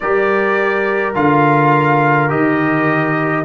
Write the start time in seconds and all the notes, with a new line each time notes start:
0.00 G3 G4 A#4 D5
1.14 D3 F4 F5
2.28 D#3 G4 D#5